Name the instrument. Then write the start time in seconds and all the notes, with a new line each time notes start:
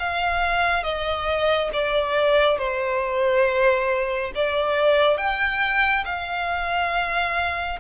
violin
0.00 F5
0.84 D#5
1.74 D5
2.59 C5
4.36 D5
5.18 G5
6.06 F5